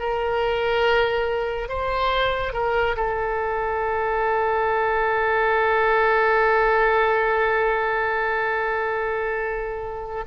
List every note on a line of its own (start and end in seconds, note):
0.00 1.69 A#4
1.69 2.54 C5
2.54 2.96 A#4
2.96 10.25 A4